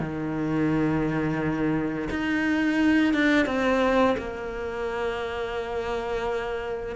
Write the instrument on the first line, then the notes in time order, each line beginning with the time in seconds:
cello
0.00 D#3
2.10 D#4
3.14 D4
3.47 C4
4.19 A#3